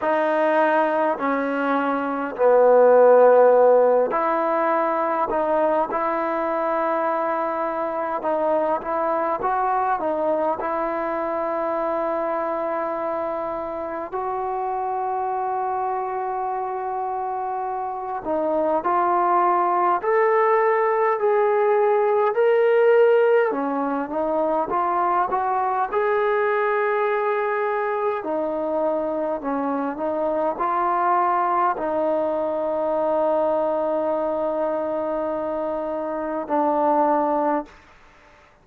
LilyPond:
\new Staff \with { instrumentName = "trombone" } { \time 4/4 \tempo 4 = 51 dis'4 cis'4 b4. e'8~ | e'8 dis'8 e'2 dis'8 e'8 | fis'8 dis'8 e'2. | fis'2.~ fis'8 dis'8 |
f'4 a'4 gis'4 ais'4 | cis'8 dis'8 f'8 fis'8 gis'2 | dis'4 cis'8 dis'8 f'4 dis'4~ | dis'2. d'4 | }